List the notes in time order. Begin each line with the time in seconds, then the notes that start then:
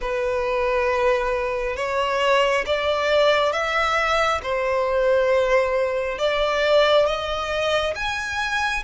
0.01 B4
1.76 C#5
2.66 D5
3.52 E5
4.42 C5
6.18 D5
7.06 D#5
7.95 G#5